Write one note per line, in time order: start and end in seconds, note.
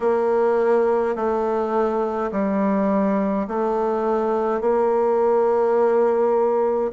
0.00 1.15 A#3
1.15 2.31 A3
2.31 3.47 G3
3.47 4.60 A3
4.60 6.91 A#3